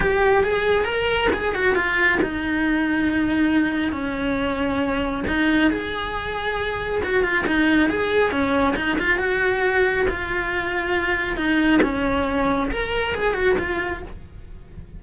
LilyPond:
\new Staff \with { instrumentName = "cello" } { \time 4/4 \tempo 4 = 137 g'4 gis'4 ais'4 gis'8 fis'8 | f'4 dis'2.~ | dis'4 cis'2. | dis'4 gis'2. |
fis'8 f'8 dis'4 gis'4 cis'4 | dis'8 f'8 fis'2 f'4~ | f'2 dis'4 cis'4~ | cis'4 ais'4 gis'8 fis'8 f'4 | }